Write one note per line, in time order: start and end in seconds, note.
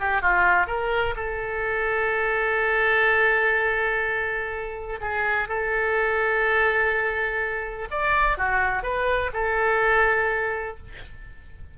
0.00 0.22 G4
0.22 0.67 F4
0.67 1.15 A#4
1.17 5.01 A4
5.01 5.49 G#4
5.49 7.89 A4
7.91 8.38 D5
8.38 8.83 F#4
8.83 9.31 B4
9.33 10.77 A4